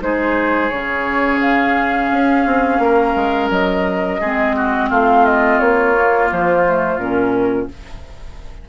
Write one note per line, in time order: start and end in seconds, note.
0.00 0.71 G#3
0.00 0.70 D#4
0.00 2.83 G#4
0.00 0.69 C5
0.69 2.11 C#3
0.69 4.21 C#4
0.69 1.39 C#5
1.41 3.50 F5
2.11 2.45 C#4
2.45 2.79 C4
2.79 3.14 A#3
2.79 4.21 A#4
3.16 3.50 G#3
3.50 4.20 F#3
3.50 4.91 D#5
4.21 4.90 G#3
4.21 5.95 C4
4.21 4.56 G#4
4.56 4.89 F#4
4.89 5.60 A3
4.89 7.68 F4
4.89 5.25 F5
5.25 5.59 D#5
5.59 6.30 A#3
5.59 6.29 C#5
5.95 6.65 A#3
6.32 6.97 F3
6.32 6.98 C5
6.65 6.99 A3
6.97 7.67 A#2
6.97 7.69 C#4
6.97 7.68 A#4